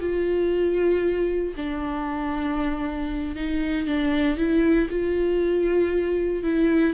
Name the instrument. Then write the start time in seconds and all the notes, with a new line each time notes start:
viola
0.00 F4
1.56 D4
3.35 D#4
3.86 D4
4.37 E4
4.90 F4
6.43 E4